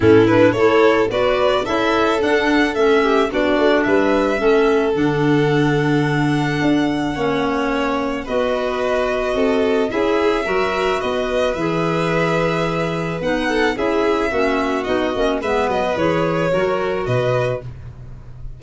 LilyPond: <<
  \new Staff \with { instrumentName = "violin" } { \time 4/4 \tempo 4 = 109 a'8 b'8 cis''4 d''4 e''4 | fis''4 e''4 d''4 e''4~ | e''4 fis''2.~ | fis''2. dis''4~ |
dis''2 e''2 | dis''4 e''2. | fis''4 e''2 dis''4 | e''8 dis''8 cis''2 dis''4 | }
  \new Staff \with { instrumentName = "violin" } { \time 4/4 e'4 a'4 b'4 a'4~ | a'4. g'8 fis'4 b'4 | a'1~ | a'4 cis''2 b'4~ |
b'4 a'4 gis'4 ais'4 | b'1~ | b'8 a'8 gis'4 fis'2 | b'2 ais'4 b'4 | }
  \new Staff \with { instrumentName = "clarinet" } { \time 4/4 cis'8 d'8 e'4 fis'4 e'4 | d'4 cis'4 d'2 | cis'4 d'2.~ | d'4 cis'2 fis'4~ |
fis'2 e'4 fis'4~ | fis'4 gis'2. | dis'4 e'4 cis'4 dis'8 cis'8 | b4 gis'4 fis'2 | }
  \new Staff \with { instrumentName = "tuba" } { \time 4/4 a,4 a4 b4 cis'4 | d'4 a4 b8 a8 g4 | a4 d2. | d'4 ais2 b4~ |
b4 c'4 cis'4 fis4 | b4 e2. | b4 cis'4 ais4 b8 ais8 | gis8 fis8 e4 fis4 b,4 | }
>>